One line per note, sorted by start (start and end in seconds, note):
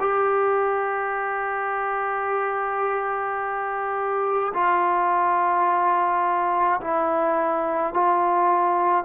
0.00 4.53 G4
4.54 6.80 F4
6.81 7.93 E4
7.93 9.05 F4